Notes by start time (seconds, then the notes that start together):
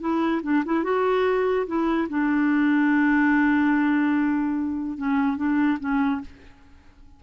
0.00 E4
0.43 D4
0.65 E4
0.84 F#4
1.67 E4
2.09 D4
4.97 C#4
5.37 D4
5.79 C#4